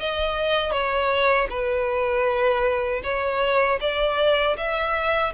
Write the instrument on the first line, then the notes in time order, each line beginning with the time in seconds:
violin
0.00 D#5
0.72 C#5
1.50 B4
3.04 C#5
3.81 D5
4.57 E5